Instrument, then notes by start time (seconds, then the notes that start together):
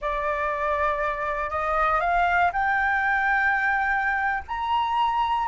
flute
0.01 D5
1.50 D#5
2.00 F5
2.52 G5
4.47 A#5